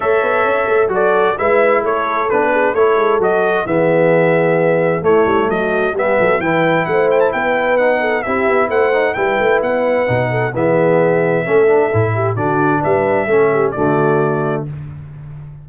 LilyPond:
<<
  \new Staff \with { instrumentName = "trumpet" } { \time 4/4 \tempo 4 = 131 e''2 d''4 e''4 | cis''4 b'4 cis''4 dis''4 | e''2. cis''4 | dis''4 e''4 g''4 fis''8 g''16 a''16 |
g''4 fis''4 e''4 fis''4 | g''4 fis''2 e''4~ | e''2. d''4 | e''2 d''2 | }
  \new Staff \with { instrumentName = "horn" } { \time 4/4 cis''2 a'4 b'4 | a'4. gis'8 a'2 | gis'2. e'4 | fis'4 g'8 a'8 b'4 c''4 |
b'4. a'8 g'4 c''4 | b'2~ b'8 a'8 gis'4~ | gis'4 a'4. g'8 fis'4 | b'4 a'8 g'8 fis'2 | }
  \new Staff \with { instrumentName = "trombone" } { \time 4/4 a'2 fis'4 e'4~ | e'4 d'4 e'4 fis'4 | b2. a4~ | a4 b4 e'2~ |
e'4 dis'4 e'4. dis'8 | e'2 dis'4 b4~ | b4 cis'8 d'8 e'4 d'4~ | d'4 cis'4 a2 | }
  \new Staff \with { instrumentName = "tuba" } { \time 4/4 a8 b8 cis'8 a8 fis4 gis4 | a4 b4 a8 gis8 fis4 | e2. a8 g8 | fis4 g8 fis8 e4 a4 |
b2 c'8 b8 a4 | g8 a8 b4 b,4 e4~ | e4 a4 a,4 d4 | g4 a4 d2 | }
>>